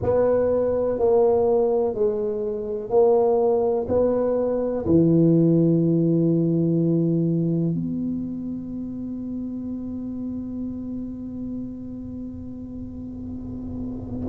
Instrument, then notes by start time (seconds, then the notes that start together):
tuba
0.02 B3
0.99 A#3
1.94 G#3
2.90 A#3
3.88 B3
4.85 E3
7.74 B3